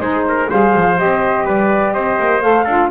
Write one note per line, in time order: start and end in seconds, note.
0.00 0.48 G#3
0.00 0.49 D#4
0.00 0.25 G#4
0.00 0.49 C5
0.28 0.49 A#4
0.49 0.76 G3
0.49 0.96 G#4
0.49 1.45 C5
0.49 0.99 F5
0.76 1.01 F3
0.96 1.46 C4
0.96 2.42 G4
0.96 1.47 D#5
1.45 1.94 G3
1.45 1.93 B4
1.45 1.93 D5
1.93 2.19 C4
1.93 2.64 C5
1.93 2.42 D#5
2.20 2.44 A#3
2.42 2.67 A3
2.42 2.66 A4
2.42 2.91 F5
2.64 2.91 D4
2.64 2.91 F4
2.64 2.89 A4